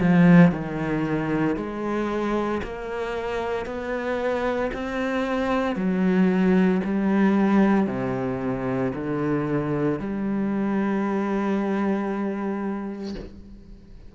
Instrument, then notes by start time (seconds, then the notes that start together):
cello
0.00 F3
0.51 D#3
1.56 G#3
2.63 A#3
3.66 B3
4.73 C4
5.76 F#3
6.84 G3
7.87 C3
8.94 D3
9.99 G3